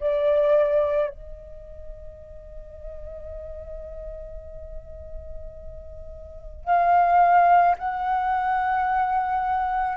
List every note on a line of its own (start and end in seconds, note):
0.00 1.10 D5
1.10 6.65 D#5
6.65 7.76 F5
7.78 9.97 F#5